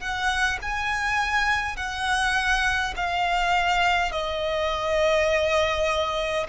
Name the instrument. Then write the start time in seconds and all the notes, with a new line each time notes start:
violin
0.00 F#5
0.62 G#5
1.76 F#5
2.96 F5
4.12 D#5